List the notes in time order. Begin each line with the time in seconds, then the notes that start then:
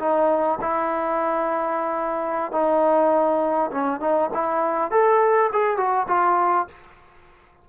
0.00 D#4
0.61 E4
2.52 D#4
3.72 C#4
4.01 D#4
4.34 E4
4.91 A4
5.53 G#4
5.77 F#4
6.08 F4